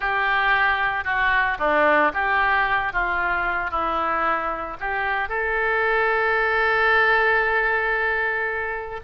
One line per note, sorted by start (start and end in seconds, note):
0.00 1.04 G4
1.04 1.57 F#4
1.59 2.12 D4
2.13 2.92 G4
2.92 3.70 F4
3.70 4.77 E4
4.79 5.28 G4
5.28 9.00 A4